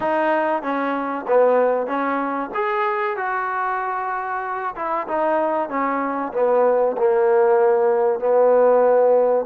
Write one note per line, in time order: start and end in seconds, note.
0.00 0.62 D#4
0.62 1.25 C#4
1.27 1.87 B3
1.87 2.50 C#4
2.54 3.16 G#4
3.16 4.74 F#4
4.75 5.07 E4
5.07 5.69 D#4
5.69 6.32 C#4
6.33 6.96 B3
6.97 8.19 A#3
8.19 9.45 B3